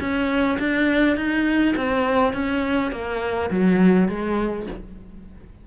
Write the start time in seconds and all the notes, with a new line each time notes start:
0.00 C#4
0.59 D4
1.17 D#4
1.77 C4
2.33 C#4
2.92 A#3
3.50 F#3
4.09 G#3